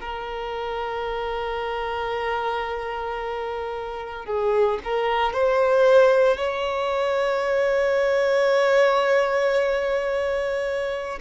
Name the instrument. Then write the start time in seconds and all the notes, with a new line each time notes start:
violin
0.00 A#4
4.25 G#4
4.84 A#4
5.33 C5
6.37 C#5